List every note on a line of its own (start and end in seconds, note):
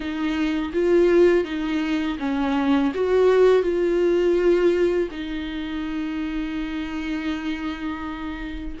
0.00 0.72 D#4
0.73 1.44 F4
1.44 2.17 D#4
2.19 2.92 C#4
2.94 3.62 F#4
3.62 5.09 F4
5.11 8.77 D#4